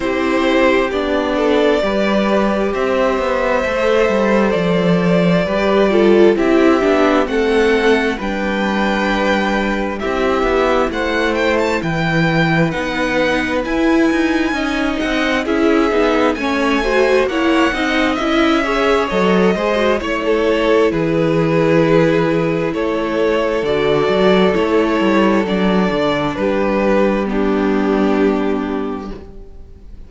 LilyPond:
<<
  \new Staff \with { instrumentName = "violin" } { \time 4/4 \tempo 4 = 66 c''4 d''2 e''4~ | e''4 d''2 e''4 | fis''4 g''2 e''4 | fis''8 g''16 a''16 g''4 fis''4 gis''4~ |
gis''8 fis''8 e''4 gis''4 fis''4 | e''4 dis''4 cis''4 b'4~ | b'4 cis''4 d''4 cis''4 | d''4 b'4 g'2 | }
  \new Staff \with { instrumentName = "violin" } { \time 4/4 g'4. a'8 b'4 c''4~ | c''2 b'8 a'8 g'4 | a'4 b'2 g'4 | c''4 b'2. |
dis''4 gis'4 cis''8 c''8 cis''8 dis''8~ | dis''8 cis''4 c''8 cis''16 a'8. gis'4~ | gis'4 a'2.~ | a'4 g'4 d'2 | }
  \new Staff \with { instrumentName = "viola" } { \time 4/4 e'4 d'4 g'2 | a'2 g'8 f'8 e'8 d'8 | c'4 d'2 e'4~ | e'2 dis'4 e'4 |
dis'4 e'8 dis'8 cis'8 fis'8 e'8 dis'8 | e'8 gis'8 a'8 gis'16 fis'16 e'2~ | e'2 fis'4 e'4 | d'2 b2 | }
  \new Staff \with { instrumentName = "cello" } { \time 4/4 c'4 b4 g4 c'8 b8 | a8 g8 f4 g4 c'8 b8 | a4 g2 c'8 b8 | a4 e4 b4 e'8 dis'8 |
cis'8 c'8 cis'8 b8 a4 ais8 c'8 | cis'4 fis8 gis8 a4 e4~ | e4 a4 d8 fis8 a8 g8 | fis8 d8 g2. | }
>>